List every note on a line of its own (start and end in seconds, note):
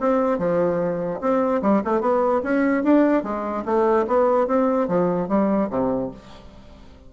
0.00 0.38 C4
0.38 1.20 F3
1.21 1.61 C4
1.62 1.82 G3
1.84 2.01 A3
2.01 2.41 B3
2.43 2.83 C#4
2.83 3.23 D4
3.23 3.64 G#3
3.65 4.06 A3
4.07 4.47 B3
4.47 4.88 C4
4.88 5.28 F3
5.28 5.69 G3
5.70 6.11 C3